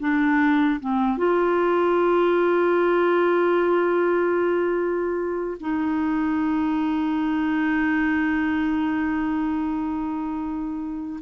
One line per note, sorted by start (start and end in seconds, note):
0.00 0.80 D4
0.80 1.17 C4
1.17 5.57 F4
5.60 11.20 D#4